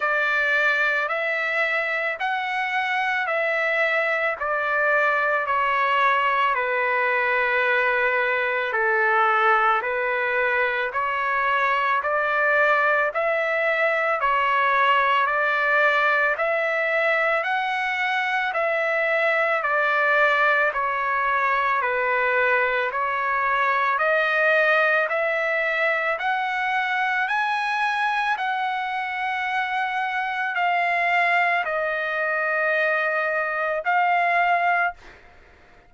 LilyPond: \new Staff \with { instrumentName = "trumpet" } { \time 4/4 \tempo 4 = 55 d''4 e''4 fis''4 e''4 | d''4 cis''4 b'2 | a'4 b'4 cis''4 d''4 | e''4 cis''4 d''4 e''4 |
fis''4 e''4 d''4 cis''4 | b'4 cis''4 dis''4 e''4 | fis''4 gis''4 fis''2 | f''4 dis''2 f''4 | }